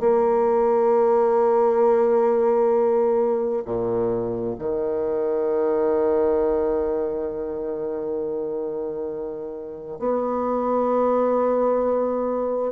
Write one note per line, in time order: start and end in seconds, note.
0.00 3.64 A#3
3.65 4.56 A#2
4.59 9.99 D#3
9.99 12.72 B3